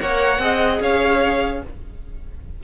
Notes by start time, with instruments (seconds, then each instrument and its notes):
0.00 cello A#3, viola A#4, violin C#5 F#5
0.39 cello C4, viola G#4, violin D#5
0.80 cello C#4, violin C#5 F5